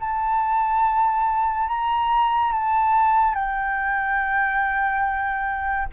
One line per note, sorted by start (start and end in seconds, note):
0.00 1.68 A5
1.68 2.52 A#5
2.53 3.35 A5
3.35 5.88 G5